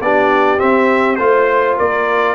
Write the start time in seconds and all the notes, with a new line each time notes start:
0.00 B3 D4 G4 D5
0.58 C4 E5
1.15 A3 F4 C5
1.77 A#3 A#4 D5